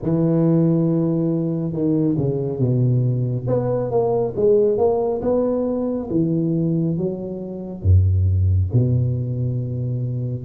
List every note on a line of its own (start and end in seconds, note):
0.02 1.72 E3
1.72 2.15 D#3
2.17 2.59 C#3
2.59 3.46 B2
3.47 3.90 B3
3.90 4.34 A#3
4.36 4.77 G#3
4.77 5.21 A#3
5.21 6.08 B3
6.10 6.97 E3
6.97 7.82 F#3
7.82 8.69 F#2
8.72 10.44 B2